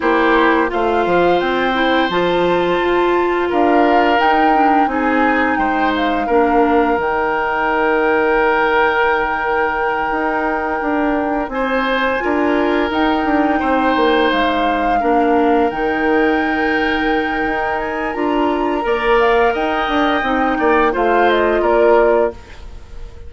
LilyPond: <<
  \new Staff \with { instrumentName = "flute" } { \time 4/4 \tempo 4 = 86 c''4 f''4 g''4 a''4~ | a''4 f''4 g''4 gis''4 | g''8 f''4. g''2~ | g''1~ |
g''8 gis''2 g''4.~ | g''8 f''2 g''4.~ | g''4. gis''8 ais''4. f''8 | g''2 f''8 dis''8 d''4 | }
  \new Staff \with { instrumentName = "oboe" } { \time 4/4 g'4 c''2.~ | c''4 ais'2 gis'4 | c''4 ais'2.~ | ais'1~ |
ais'8 c''4 ais'2 c''8~ | c''4. ais'2~ ais'8~ | ais'2. d''4 | dis''4. d''8 c''4 ais'4 | }
  \new Staff \with { instrumentName = "clarinet" } { \time 4/4 e'4 f'4. e'8 f'4~ | f'2 dis'8 d'8 dis'4~ | dis'4 d'4 dis'2~ | dis'1~ |
dis'4. f'4 dis'4.~ | dis'4. d'4 dis'4.~ | dis'2 f'4 ais'4~ | ais'4 dis'4 f'2 | }
  \new Staff \with { instrumentName = "bassoon" } { \time 4/4 ais4 a8 f8 c'4 f4 | f'4 d'4 dis'4 c'4 | gis4 ais4 dis2~ | dis2~ dis8 dis'4 d'8~ |
d'8 c'4 d'4 dis'8 d'8 c'8 | ais8 gis4 ais4 dis4.~ | dis4 dis'4 d'4 ais4 | dis'8 d'8 c'8 ais8 a4 ais4 | }
>>